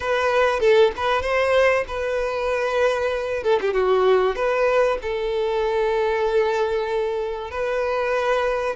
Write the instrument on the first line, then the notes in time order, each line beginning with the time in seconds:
violin
0.00 B4
0.60 A4
0.96 B4
1.22 C5
1.87 B4
3.43 A4
3.61 G4
3.73 F#4
4.35 B4
5.02 A4
7.51 B4